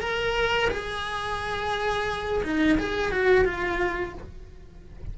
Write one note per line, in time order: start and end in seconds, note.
0.00 0.69 A#4
0.70 2.43 G#4
2.43 2.78 D#4
2.78 3.11 G#4
3.11 3.45 F#4
3.45 4.13 F4